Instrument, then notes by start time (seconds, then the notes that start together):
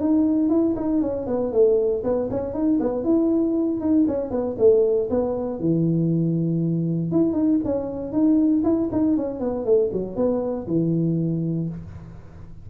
tuba
0.00 D#4
0.49 E4
0.76 D#4
1.01 C#4
1.27 B3
1.52 A3
2.03 B3
2.30 C#4
2.53 D#4
2.80 B3
3.04 E4
3.80 D#4
4.07 C#4
4.30 B3
4.58 A3
5.10 B3
5.59 E3
7.12 E4
7.33 D#4
7.65 C#4
8.12 D#4
8.64 E4
8.92 D#4
9.16 C#4
9.40 B3
9.65 A3
9.92 F#3
10.16 B3
10.67 E3